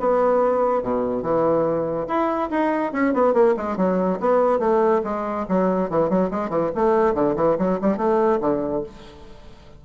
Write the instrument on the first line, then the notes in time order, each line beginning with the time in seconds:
bassoon
0.00 B3
0.83 B2
1.23 E3
2.08 E4
2.51 D#4
2.93 C#4
3.14 B3
3.34 A#3
3.57 G#3
3.77 F#3
4.20 B3
4.59 A3
5.04 G#3
5.49 F#3
5.90 E3
6.10 F#3
6.31 G#3
6.50 E3
6.75 A3
7.14 D3
7.36 E3
7.59 F#3
7.81 G3
7.97 A3
8.41 D3